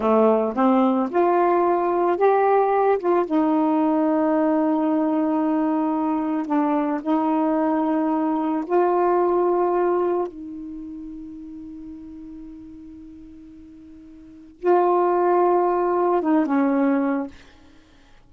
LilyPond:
\new Staff \with { instrumentName = "saxophone" } { \time 4/4 \tempo 4 = 111 a4 c'4 f'2 | g'4. f'8 dis'2~ | dis'1 | d'4 dis'2. |
f'2. dis'4~ | dis'1~ | dis'2. f'4~ | f'2 dis'8 cis'4. | }